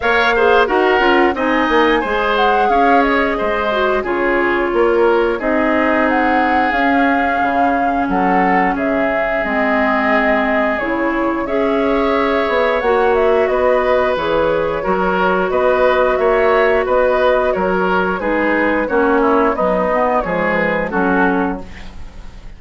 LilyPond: <<
  \new Staff \with { instrumentName = "flute" } { \time 4/4 \tempo 4 = 89 f''4 fis''4 gis''4. fis''8 | f''8 dis''4. cis''2 | dis''4 fis''4 f''2 | fis''4 e''4 dis''2 |
cis''4 e''2 fis''8 e''8 | dis''4 cis''2 dis''4 | e''4 dis''4 cis''4 b'4 | cis''4 dis''4 cis''8 b'8 a'4 | }
  \new Staff \with { instrumentName = "oboe" } { \time 4/4 cis''8 c''8 ais'4 dis''4 c''4 | cis''4 c''4 gis'4 ais'4 | gis'1 | a'4 gis'2.~ |
gis'4 cis''2. | b'2 ais'4 b'4 | cis''4 b'4 ais'4 gis'4 | fis'8 e'8 dis'4 gis'4 fis'4 | }
  \new Staff \with { instrumentName = "clarinet" } { \time 4/4 ais'8 gis'8 fis'8 f'8 dis'4 gis'4~ | gis'4. fis'8 f'2 | dis'2 cis'2~ | cis'2 c'2 |
e'4 gis'2 fis'4~ | fis'4 gis'4 fis'2~ | fis'2. dis'4 | cis'4 fis8 b8 gis4 cis'4 | }
  \new Staff \with { instrumentName = "bassoon" } { \time 4/4 ais4 dis'8 cis'8 c'8 ais8 gis4 | cis'4 gis4 cis4 ais4 | c'2 cis'4 cis4 | fis4 cis4 gis2 |
cis4 cis'4. b8 ais4 | b4 e4 fis4 b4 | ais4 b4 fis4 gis4 | ais4 b4 f4 fis4 | }
>>